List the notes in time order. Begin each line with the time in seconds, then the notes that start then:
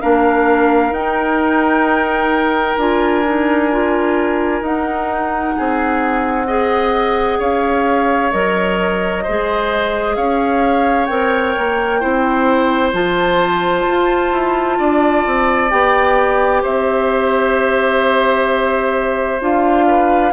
0.00 A#3 D4 A#4 F5
0.90 D#4 G5
2.77 D4 F4 G#5
3.24 D#4
3.71 F4
4.61 D#4 F#5
5.56 C4 G#4
6.47 G#4 D#5
7.39 C#4 C#5 F5
8.32 F#3 A#4 D#5
9.23 G#3 G#4 C5
10.16 C#4 C#5 F5
11.06 C4 A#4 G5
11.58 A#3
12.00 C4 E4 C5
12.93 F3 F4 A5
13.87 F4
14.32 E4
14.79 D4 D5
15.26 C4
15.70 B3 G4 G5
16.62 C4 C5 E5
19.40 D4 F4 F5
19.87 B4